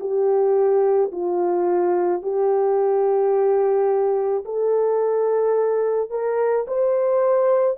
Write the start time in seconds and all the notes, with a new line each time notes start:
0.00 G4
1.11 F4
2.22 G4
4.45 A4
6.10 A#4
6.67 C5